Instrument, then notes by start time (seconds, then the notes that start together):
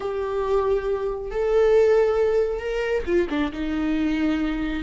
viola
0.00 G4
1.31 A4
2.59 A#4
3.05 F4
3.29 D4
3.52 D#4